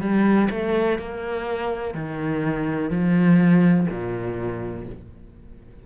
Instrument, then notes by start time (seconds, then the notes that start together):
cello
0.00 G3
0.50 A3
0.98 A#3
1.94 D#3
2.90 F3
3.89 A#2